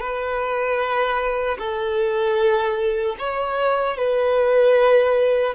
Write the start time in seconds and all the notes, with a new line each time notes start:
0.00 B4
1.58 A4
3.19 C#5
3.97 B4